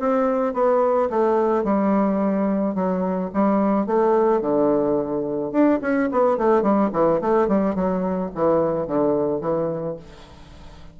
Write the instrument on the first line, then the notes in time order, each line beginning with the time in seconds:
bassoon
0.00 C4
0.54 B3
1.10 A3
1.64 G3
2.75 F#3
3.34 G3
3.87 A3
4.42 D3
5.52 D4
5.82 C#4
6.12 B3
6.38 A3
6.63 G3
6.93 E3
7.22 A3
7.48 G3
7.76 F#3
8.35 E3
8.88 D3
9.41 E3